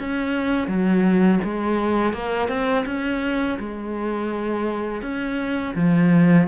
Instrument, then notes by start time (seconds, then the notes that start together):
cello
0.00 C#4
0.68 F#3
1.44 G#3
2.14 A#3
2.49 C4
2.86 C#4
3.60 G#3
5.02 C#4
5.76 F3